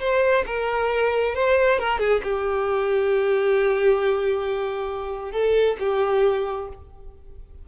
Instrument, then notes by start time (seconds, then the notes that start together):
violin
0.00 C5
0.46 A#4
1.35 C5
1.79 A#4
1.99 G#4
2.23 G4
5.32 A4
5.79 G4